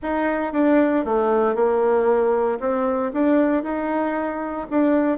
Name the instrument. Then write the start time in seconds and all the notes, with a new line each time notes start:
bassoon
0.02 D#4
0.52 D4
1.04 A3
1.55 A#3
2.60 C4
3.13 D4
3.63 D#4
4.70 D4